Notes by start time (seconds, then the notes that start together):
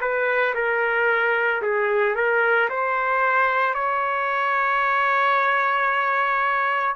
0.00 B4
0.54 A#4
1.62 G#4
2.15 A#4
2.69 C5
3.74 C#5